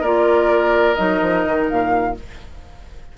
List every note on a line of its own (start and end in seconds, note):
0.00 0.96 A#3
0.00 0.96 F4
0.00 2.13 A#4
0.00 0.94 D5
0.94 1.21 F#3
0.94 2.14 D#4
0.94 1.65 D#5
1.21 1.45 F3
1.47 1.70 D#3
1.69 2.17 A#2
1.69 2.17 F5